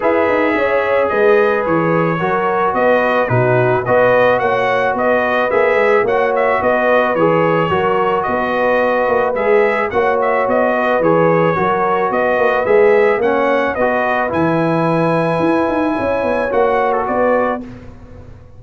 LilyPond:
<<
  \new Staff \with { instrumentName = "trumpet" } { \time 4/4 \tempo 4 = 109 e''2 dis''4 cis''4~ | cis''4 dis''4 b'4 dis''4 | fis''4 dis''4 e''4 fis''8 e''8 | dis''4 cis''2 dis''4~ |
dis''4 e''4 fis''8 e''8 dis''4 | cis''2 dis''4 e''4 | fis''4 dis''4 gis''2~ | gis''2 fis''8. a'16 d''4 | }
  \new Staff \with { instrumentName = "horn" } { \time 4/4 b'4 cis''4 b'2 | ais'4 b'4 fis'4 b'4 | cis''4 b'2 cis''4 | b'2 ais'4 b'4~ |
b'2 cis''4. b'8~ | b'4 ais'4 b'2 | cis''4 b'2.~ | b'4 cis''2 b'4 | }
  \new Staff \with { instrumentName = "trombone" } { \time 4/4 gis'1 | fis'2 dis'4 fis'4~ | fis'2 gis'4 fis'4~ | fis'4 gis'4 fis'2~ |
fis'4 gis'4 fis'2 | gis'4 fis'2 gis'4 | cis'4 fis'4 e'2~ | e'2 fis'2 | }
  \new Staff \with { instrumentName = "tuba" } { \time 4/4 e'8 dis'8 cis'4 gis4 e4 | fis4 b4 b,4 b4 | ais4 b4 ais8 gis8 ais4 | b4 e4 fis4 b4~ |
b8 ais8 gis4 ais4 b4 | e4 fis4 b8 ais8 gis4 | ais4 b4 e2 | e'8 dis'8 cis'8 b8 ais4 b4 | }
>>